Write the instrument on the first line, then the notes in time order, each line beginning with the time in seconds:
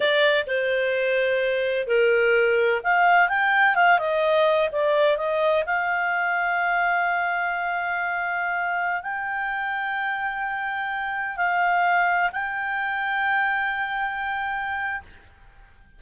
clarinet
0.00 D5
0.47 C5
1.87 A#4
2.83 F5
3.28 G5
3.75 F5
3.98 D#5
4.72 D5
5.17 D#5
5.66 F5
9.02 G5
11.36 F5
12.32 G5